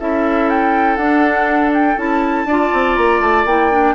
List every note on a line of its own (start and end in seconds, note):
0.00 0.97 C#4
0.00 0.99 E4
0.00 2.48 A4
0.00 0.50 E5
0.50 0.96 G5
0.96 1.97 D4
0.96 1.71 F#5
1.74 1.99 G5
1.97 2.45 C#4
1.97 2.46 E4
1.97 2.96 A5
2.45 2.70 D4
2.45 3.48 F4
2.45 3.95 D5
2.73 2.98 C4
2.96 3.20 A#3
2.96 3.21 A#5
3.20 3.45 A3
3.20 3.46 A5
3.45 3.95 A#3
3.45 3.71 E4
3.45 3.95 G5
3.71 3.95 D4